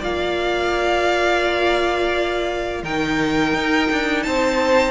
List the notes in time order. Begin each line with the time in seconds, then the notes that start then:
0.00 A#3 F4 D5 F5
2.83 D#3 D#4 A#4 G5
3.54 D#4
3.92 D4
4.23 C4 C5 A5